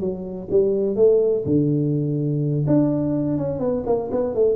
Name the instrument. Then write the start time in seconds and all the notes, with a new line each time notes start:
tuba
0.00 F#3
0.50 G3
0.96 A3
1.45 D3
2.67 D4
3.38 C#4
3.59 B3
3.86 A#3
4.11 B3
4.35 A3